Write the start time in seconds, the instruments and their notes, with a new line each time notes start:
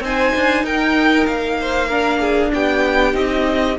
0.00 cello C4, viola D#4, violin C5 G#5
0.36 cello D4
0.64 cello D#4, violin A#4 G5
1.27 cello A#3, violin F5
1.61 violin C5
1.88 viola D4, violin A#4
2.20 violin G#4
2.54 cello B3, violin G4 G5
3.13 cello C4, viola D#4, violin D#5